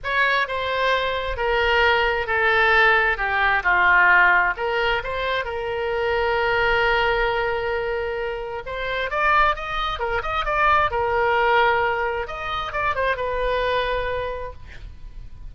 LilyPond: \new Staff \with { instrumentName = "oboe" } { \time 4/4 \tempo 4 = 132 cis''4 c''2 ais'4~ | ais'4 a'2 g'4 | f'2 ais'4 c''4 | ais'1~ |
ais'2. c''4 | d''4 dis''4 ais'8 dis''8 d''4 | ais'2. dis''4 | d''8 c''8 b'2. | }